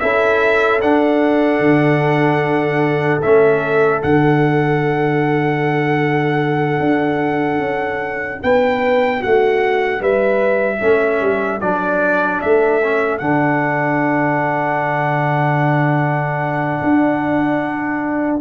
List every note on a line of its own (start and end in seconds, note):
0.00 0.82 C#4
0.00 0.81 E4
0.00 8.42 A4
0.00 0.80 E5
0.81 3.21 D4
0.81 1.60 D4
0.81 3.21 F#5
1.60 3.20 D3
3.22 4.03 A3
3.22 4.02 C#4
3.22 4.02 E5
4.02 6.80 D3
4.02 10.81 D4
4.02 8.43 F#5
6.80 7.59 D4
7.59 8.39 C#4
8.43 9.23 B3
8.43 9.21 B4
8.43 9.22 G5
9.21 10.00 A3
9.21 10.01 F#4
9.21 10.02 F#5
10.00 10.80 G3
10.00 10.78 B4
10.00 11.61 E5
10.78 11.21 A3
10.78 11.61 C#4
10.78 18.38 A4
11.21 11.61 G3
11.61 12.41 F#3
11.61 12.81 D4
11.61 12.41 D5
12.42 13.21 A3
12.42 13.18 E5
12.84 13.21 C#4
13.18 16.81 D3
13.18 18.41 D4
13.18 18.38 F#5
16.84 18.41 D4